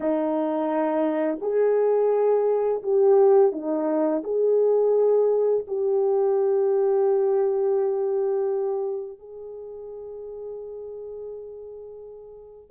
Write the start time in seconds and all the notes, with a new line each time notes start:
0.00 D#4
1.41 G#4
2.82 G4
3.52 D#4
4.23 G#4
5.67 G4
9.18 G#4